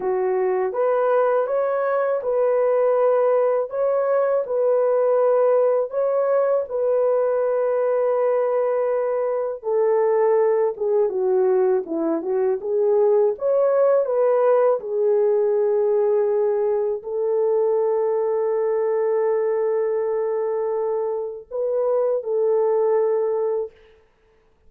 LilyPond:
\new Staff \with { instrumentName = "horn" } { \time 4/4 \tempo 4 = 81 fis'4 b'4 cis''4 b'4~ | b'4 cis''4 b'2 | cis''4 b'2.~ | b'4 a'4. gis'8 fis'4 |
e'8 fis'8 gis'4 cis''4 b'4 | gis'2. a'4~ | a'1~ | a'4 b'4 a'2 | }